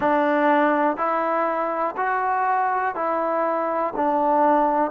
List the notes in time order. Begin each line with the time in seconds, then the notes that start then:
0.00 D4
0.97 E4
1.96 F#4
2.95 E4
3.96 D4